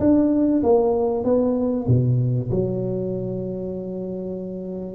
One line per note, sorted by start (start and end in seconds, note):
0.00 0.62 D4
0.63 1.24 A#3
1.24 1.87 B3
1.88 2.50 B2
2.51 4.95 F#3